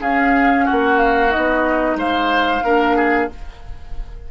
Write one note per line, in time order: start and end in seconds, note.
0.00 1.29 C#4
0.00 0.67 C#4
0.00 0.65 G#4
0.00 0.66 F5
0.65 1.97 F#4
0.65 0.99 F#5
0.71 1.36 A#3
0.99 1.32 F5
1.29 2.61 D#4
1.29 1.98 D#5
1.36 1.95 B3
1.95 2.61 G#3
1.95 2.64 C5
1.95 3.31 F5
2.63 3.29 A#3
2.63 3.30 D4
2.63 2.96 A#4
2.96 3.29 G#4